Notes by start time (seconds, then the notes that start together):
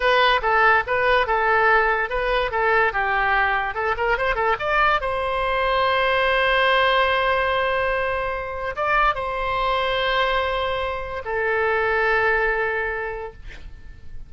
0.00 B4
0.41 A4
0.86 B4
1.26 A4
2.09 B4
2.51 A4
2.93 G4
3.74 A4
3.97 A#4
4.17 C5
4.35 A4
4.59 D5
5.00 C5
8.76 D5
9.14 C5
11.24 A4